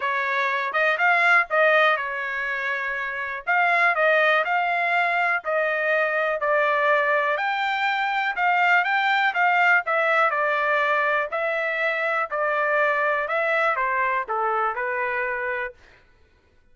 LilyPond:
\new Staff \with { instrumentName = "trumpet" } { \time 4/4 \tempo 4 = 122 cis''4. dis''8 f''4 dis''4 | cis''2. f''4 | dis''4 f''2 dis''4~ | dis''4 d''2 g''4~ |
g''4 f''4 g''4 f''4 | e''4 d''2 e''4~ | e''4 d''2 e''4 | c''4 a'4 b'2 | }